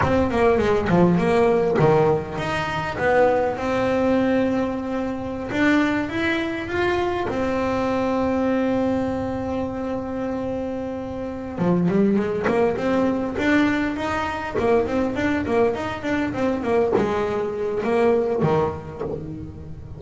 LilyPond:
\new Staff \with { instrumentName = "double bass" } { \time 4/4 \tempo 4 = 101 c'8 ais8 gis8 f8 ais4 dis4 | dis'4 b4 c'2~ | c'4~ c'16 d'4 e'4 f'8.~ | f'16 c'2.~ c'8.~ |
c'2.~ c'8 f8 | g8 gis8 ais8 c'4 d'4 dis'8~ | dis'8 ais8 c'8 d'8 ais8 dis'8 d'8 c'8 | ais8 gis4. ais4 dis4 | }